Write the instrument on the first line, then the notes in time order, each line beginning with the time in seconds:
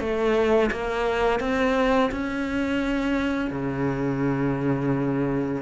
cello
0.00 A3
0.72 A#3
1.40 C4
2.12 C#4
3.51 C#3